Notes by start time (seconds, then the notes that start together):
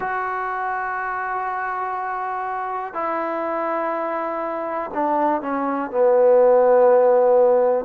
0.00 F#4
2.93 E4
4.94 D4
5.41 C#4
5.91 B3